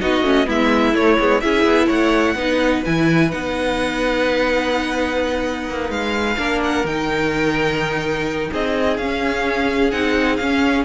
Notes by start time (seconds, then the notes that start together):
0.00 B3 D#4 F#4 D#5
0.22 A3 C#4
0.45 G#3 B3 E4 E5
0.93 A3 C#5
1.18 G#3 B3
1.40 C#4 E4 G#4 E5
1.65 B3
1.87 A3 C#5 F#5
2.35 B3 D#4 B4
2.85 E3 E4 G#5
3.30 B3 D#4 F#5
5.68 A#3
5.89 G#3 F5
6.37 A#3 D4 A#4
6.63 F#5
6.84 D#3 D#4 G5
8.52 C4 G#4 D#5
8.97 C#4 F5
9.91 C4 D#4 F#5
10.36 C#4 F5